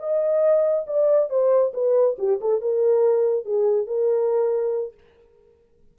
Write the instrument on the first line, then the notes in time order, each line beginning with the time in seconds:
horn
0.00 D#5
0.87 D5
1.30 C5
1.74 B4
2.19 G4
2.41 A4
2.62 A#4
3.46 G#4
3.87 A#4